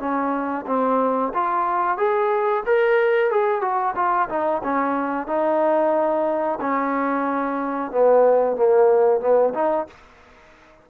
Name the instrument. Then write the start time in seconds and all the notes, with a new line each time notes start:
trombone
0.00 C#4
0.67 C4
1.34 F4
1.98 G#4
2.66 A#4
3.31 G#4
3.61 F#4
3.96 F4
4.29 D#4
4.64 C#4
5.27 D#4
6.61 C#4
7.92 B3
8.57 A#3
9.21 B3
9.55 D#4